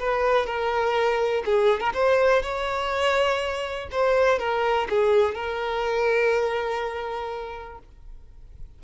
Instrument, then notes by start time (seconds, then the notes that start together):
violin
0.00 B4
0.46 A#4
1.46 G#4
1.81 A#4
1.94 C5
2.43 C#5
3.92 C5
4.39 A#4
4.90 G#4
5.35 A#4